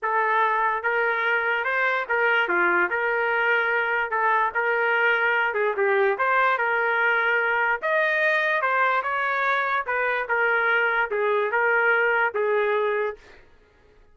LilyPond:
\new Staff \with { instrumentName = "trumpet" } { \time 4/4 \tempo 4 = 146 a'2 ais'2 | c''4 ais'4 f'4 ais'4~ | ais'2 a'4 ais'4~ | ais'4. gis'8 g'4 c''4 |
ais'2. dis''4~ | dis''4 c''4 cis''2 | b'4 ais'2 gis'4 | ais'2 gis'2 | }